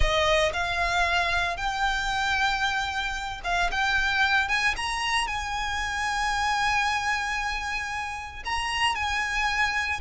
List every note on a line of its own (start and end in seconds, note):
0.00 0.52 D#5
0.53 1.56 F5
1.56 3.41 G5
3.44 3.70 F5
3.71 4.48 G5
4.48 4.74 G#5
4.76 5.27 A#5
5.27 8.43 G#5
8.44 8.95 A#5
8.95 10.00 G#5